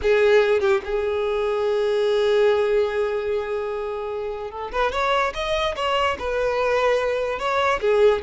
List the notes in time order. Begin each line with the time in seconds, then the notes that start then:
0.02 G#4
0.60 G4
0.84 G#4
4.51 A4
4.71 B4
4.91 C#5
5.33 D#5
5.76 C#5
6.18 B4
7.39 C#5
7.80 G#4